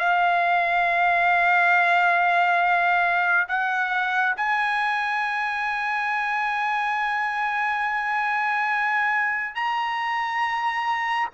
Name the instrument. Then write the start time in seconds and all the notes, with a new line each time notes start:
trumpet
0.00 F5
3.49 F#5
4.37 G#5
9.55 A#5